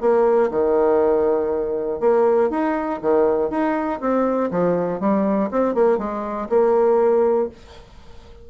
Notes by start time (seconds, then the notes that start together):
0.00 A#3
0.50 D#3
2.00 A#3
2.50 D#4
3.01 D#3
3.50 D#4
4.00 C4
4.50 F3
5.00 G3
5.50 C4
5.74 A#3
5.97 G#3
6.49 A#3